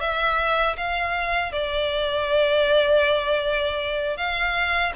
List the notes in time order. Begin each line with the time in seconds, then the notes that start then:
0.00 E5
0.77 F5
1.52 D5
4.16 F5